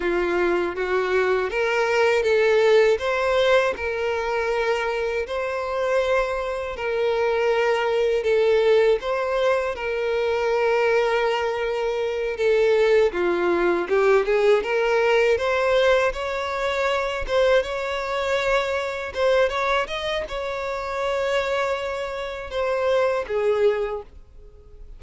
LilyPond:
\new Staff \with { instrumentName = "violin" } { \time 4/4 \tempo 4 = 80 f'4 fis'4 ais'4 a'4 | c''4 ais'2 c''4~ | c''4 ais'2 a'4 | c''4 ais'2.~ |
ais'8 a'4 f'4 g'8 gis'8 ais'8~ | ais'8 c''4 cis''4. c''8 cis''8~ | cis''4. c''8 cis''8 dis''8 cis''4~ | cis''2 c''4 gis'4 | }